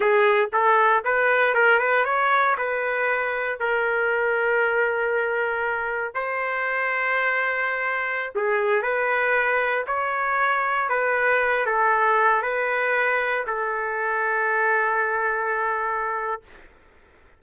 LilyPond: \new Staff \with { instrumentName = "trumpet" } { \time 4/4 \tempo 4 = 117 gis'4 a'4 b'4 ais'8 b'8 | cis''4 b'2 ais'4~ | ais'1 | c''1~ |
c''16 gis'4 b'2 cis''8.~ | cis''4~ cis''16 b'4. a'4~ a'16~ | a'16 b'2 a'4.~ a'16~ | a'1 | }